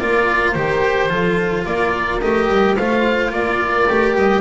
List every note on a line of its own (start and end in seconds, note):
0.00 0.56 A#3
0.00 0.55 F4
0.00 1.12 A#4
0.00 0.52 D5
0.52 1.10 D#3
0.52 1.09 G4
0.52 1.63 C5
1.09 1.66 F3
1.09 2.20 F4
1.09 1.67 A4
1.66 2.22 A#3
1.66 2.77 A#4
1.66 2.21 D5
2.21 2.49 A3
2.21 2.78 G4
2.21 2.77 D#5
2.49 2.77 G3
2.77 3.31 A3
2.77 3.90 F4
2.77 3.33 C5
2.77 3.32 F5
3.31 3.87 A#3
3.31 4.42 A#4
3.31 4.17 D5
3.89 4.15 A3
3.89 4.42 G4
4.15 4.42 G3
4.15 4.42 D#5